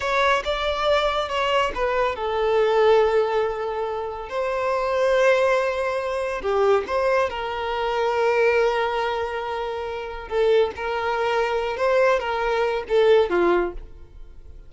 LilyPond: \new Staff \with { instrumentName = "violin" } { \time 4/4 \tempo 4 = 140 cis''4 d''2 cis''4 | b'4 a'2.~ | a'2 c''2~ | c''2. g'4 |
c''4 ais'2.~ | ais'1 | a'4 ais'2~ ais'8 c''8~ | c''8 ais'4. a'4 f'4 | }